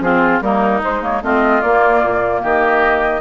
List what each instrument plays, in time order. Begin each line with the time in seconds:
0.00 bassoon F3, clarinet C4, oboe F4, flute G#4
0.41 bassoon G3, clarinet A#3, oboe D#4, flute A#4
0.82 clarinet G#3, bassoon G#3, flute C5
1.02 clarinet A#3, flute C#5
1.22 bassoon A3, clarinet C4, oboe F4, flute D#5
1.61 bassoon A#3, clarinet A#3, flute D5
2.03 bassoon A#2
2.42 bassoon D#3, oboe G4, flute D#5